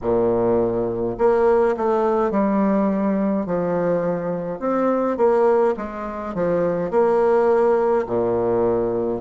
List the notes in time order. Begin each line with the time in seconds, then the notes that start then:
0.01 A#2
1.17 A#3
1.76 A3
2.31 G3
3.46 F3
4.59 C4
5.17 A#3
5.76 G#3
6.34 F3
6.90 A#3
8.06 A#2